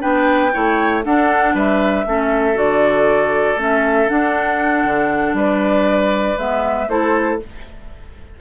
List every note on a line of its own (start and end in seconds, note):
0.00 0.54 B3
0.00 0.51 D4
0.00 0.52 B4
0.00 1.03 G5
0.53 1.05 A3
0.53 1.04 E4
0.53 1.05 C#5
1.05 2.06 D4
1.05 1.54 D4
1.05 1.55 A4
1.05 1.56 F#5
1.54 2.05 G3
1.54 2.06 B4
1.54 2.58 E5
2.06 2.57 A3
2.06 2.55 C#4
2.06 5.37 A4
2.55 3.56 D3
2.55 3.57 F#4
2.55 3.60 D5
3.56 4.07 A3
3.56 4.08 C#4
3.56 4.09 E5
4.08 6.37 D4
4.08 4.85 D4
4.08 5.36 F#5
4.85 5.34 D3
5.34 6.35 G3
5.34 6.89 B4
5.34 6.39 D5
6.37 6.88 G#3
6.37 6.88 B3
6.37 6.90 E5
6.88 7.39 A3
6.88 7.40 E4
6.88 7.41 A4
6.88 7.40 C5